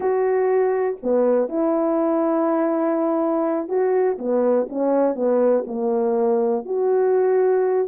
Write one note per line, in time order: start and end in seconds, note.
0.00 0.97 F#4
1.03 1.48 B3
1.48 3.68 E4
3.68 4.17 F#4
4.18 4.67 B3
4.69 5.15 C#4
5.15 5.64 B3
5.66 6.65 A#3
6.65 7.88 F#4